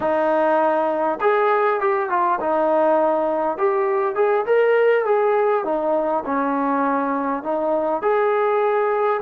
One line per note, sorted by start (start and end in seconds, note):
0.00 1.19 D#4
1.20 1.80 G#4
1.80 2.09 G4
2.09 2.39 F4
2.40 3.57 D#4
3.57 4.15 G4
4.15 4.45 G#4
4.46 5.05 A#4
5.05 5.64 G#4
5.64 6.23 D#4
6.25 7.43 C#4
7.43 8.01 D#4
8.01 9.20 G#4